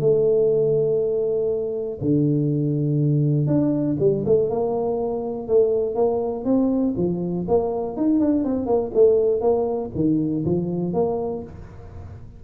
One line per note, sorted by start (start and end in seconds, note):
0.00 1.98 A3
2.01 3.47 D3
3.47 3.96 D4
3.99 4.24 G3
4.25 4.49 A3
4.49 5.48 A#3
5.48 5.95 A3
5.95 6.44 A#3
6.44 6.94 C4
6.96 7.46 F3
7.47 7.96 A#3
7.96 8.19 D#4
8.19 8.44 D4
8.44 8.66 C4
8.66 8.91 A#3
8.94 9.41 A3
9.41 9.90 A#3
9.94 10.44 D#3
10.45 10.93 F3
10.93 11.43 A#3